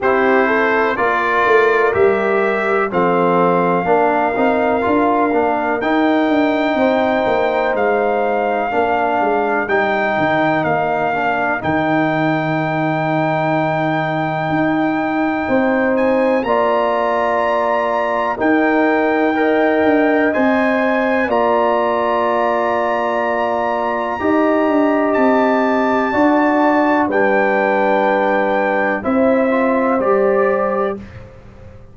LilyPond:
<<
  \new Staff \with { instrumentName = "trumpet" } { \time 4/4 \tempo 4 = 62 c''4 d''4 e''4 f''4~ | f''2 g''2 | f''2 g''4 f''4 | g''1~ |
g''8 gis''8 ais''2 g''4~ | g''4 gis''4 ais''2~ | ais''2 a''2 | g''2 e''4 d''4 | }
  \new Staff \with { instrumentName = "horn" } { \time 4/4 g'8 a'8 ais'2 a'4 | ais'2. c''4~ | c''4 ais'2.~ | ais'1 |
c''4 d''2 ais'4 | dis''2 d''2~ | d''4 dis''2 d''4 | b'2 c''2 | }
  \new Staff \with { instrumentName = "trombone" } { \time 4/4 e'4 f'4 g'4 c'4 | d'8 dis'8 f'8 d'8 dis'2~ | dis'4 d'4 dis'4. d'8 | dis'1~ |
dis'4 f'2 dis'4 | ais'4 c''4 f'2~ | f'4 g'2 fis'4 | d'2 e'8 f'8 g'4 | }
  \new Staff \with { instrumentName = "tuba" } { \time 4/4 c'4 ais8 a8 g4 f4 | ais8 c'8 d'8 ais8 dis'8 d'8 c'8 ais8 | gis4 ais8 gis8 g8 dis8 ais4 | dis2. dis'4 |
c'4 ais2 dis'4~ | dis'8 d'8 c'4 ais2~ | ais4 dis'8 d'8 c'4 d'4 | g2 c'4 g4 | }
>>